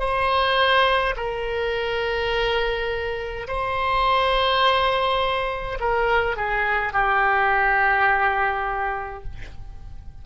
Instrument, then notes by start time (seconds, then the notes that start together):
oboe
0.00 C5
1.17 A#4
3.48 C5
5.81 A#4
6.37 G#4
6.93 G4